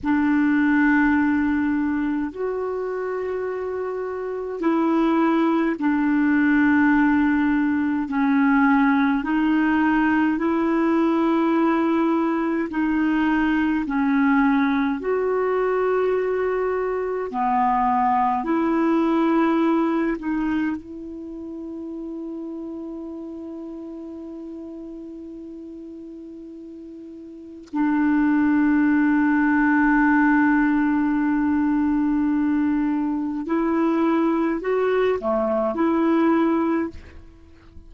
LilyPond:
\new Staff \with { instrumentName = "clarinet" } { \time 4/4 \tempo 4 = 52 d'2 fis'2 | e'4 d'2 cis'4 | dis'4 e'2 dis'4 | cis'4 fis'2 b4 |
e'4. dis'8 e'2~ | e'1 | d'1~ | d'4 e'4 fis'8 a8 e'4 | }